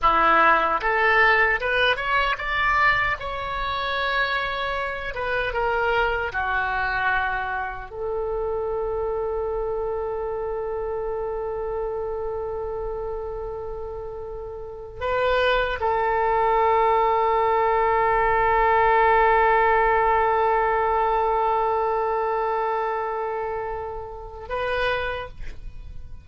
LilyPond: \new Staff \with { instrumentName = "oboe" } { \time 4/4 \tempo 4 = 76 e'4 a'4 b'8 cis''8 d''4 | cis''2~ cis''8 b'8 ais'4 | fis'2 a'2~ | a'1~ |
a'2. b'4 | a'1~ | a'1~ | a'2. b'4 | }